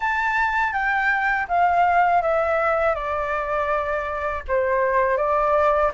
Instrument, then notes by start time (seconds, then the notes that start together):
flute
0.00 A5
0.72 G5
1.48 F5
2.22 E5
2.95 D5
4.48 C5
5.17 D5